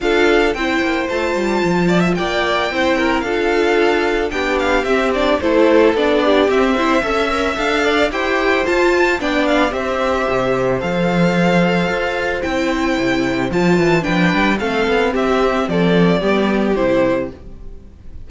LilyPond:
<<
  \new Staff \with { instrumentName = "violin" } { \time 4/4 \tempo 4 = 111 f''4 g''4 a''2 | g''2 f''2 | g''8 f''8 e''8 d''8 c''4 d''4 | e''2 f''4 g''4 |
a''4 g''8 f''8 e''2 | f''2. g''4~ | g''4 a''4 g''4 f''4 | e''4 d''2 c''4 | }
  \new Staff \with { instrumentName = "violin" } { \time 4/4 a'4 c''2~ c''8 d''16 e''16 | d''4 c''8 ais'8 a'2 | g'2 a'4. g'8~ | g'8 c''8 e''4. d''8 c''4~ |
c''4 d''4 c''2~ | c''1~ | c''2 b'4 a'4 | g'4 a'4 g'2 | }
  \new Staff \with { instrumentName = "viola" } { \time 4/4 f'4 e'4 f'2~ | f'4 e'4 f'2 | d'4 c'8 d'8 e'4 d'4 | c'8 e'8 a'8 ais'8 a'4 g'4 |
f'4 d'4 g'2 | a'2. e'4~ | e'4 f'4 d'4 c'4~ | c'2 b4 e'4 | }
  \new Staff \with { instrumentName = "cello" } { \time 4/4 d'4 c'8 ais8 a8 g8 f4 | ais4 c'4 d'2 | b4 c'4 a4 b4 | c'4 cis'4 d'4 e'4 |
f'4 b4 c'4 c4 | f2 f'4 c'4 | c4 f8 e8 f8 g8 a8 b8 | c'4 f4 g4 c4 | }
>>